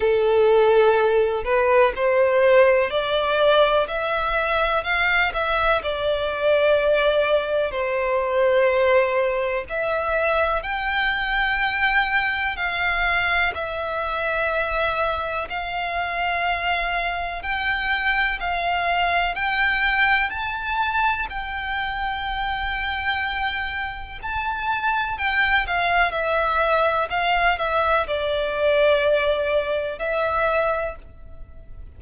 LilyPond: \new Staff \with { instrumentName = "violin" } { \time 4/4 \tempo 4 = 62 a'4. b'8 c''4 d''4 | e''4 f''8 e''8 d''2 | c''2 e''4 g''4~ | g''4 f''4 e''2 |
f''2 g''4 f''4 | g''4 a''4 g''2~ | g''4 a''4 g''8 f''8 e''4 | f''8 e''8 d''2 e''4 | }